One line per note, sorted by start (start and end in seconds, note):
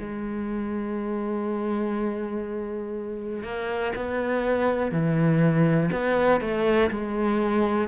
0.00 3.44 G#3
3.44 3.93 A#3
3.96 4.92 B3
4.92 5.91 E3
5.92 6.41 B3
6.41 6.90 A3
6.91 7.88 G#3